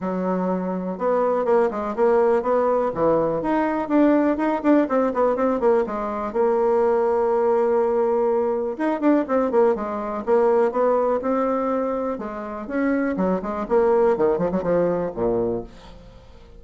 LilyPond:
\new Staff \with { instrumentName = "bassoon" } { \time 4/4 \tempo 4 = 123 fis2 b4 ais8 gis8 | ais4 b4 e4 dis'4 | d'4 dis'8 d'8 c'8 b8 c'8 ais8 | gis4 ais2.~ |
ais2 dis'8 d'8 c'8 ais8 | gis4 ais4 b4 c'4~ | c'4 gis4 cis'4 fis8 gis8 | ais4 dis8 f16 fis16 f4 ais,4 | }